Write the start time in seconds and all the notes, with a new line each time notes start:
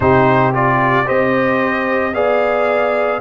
0.00 C3 D#4 G4 C5
0.53 F4 D5
1.05 C4 G4 C5 D#5
2.14 B3 G#4 D5 F5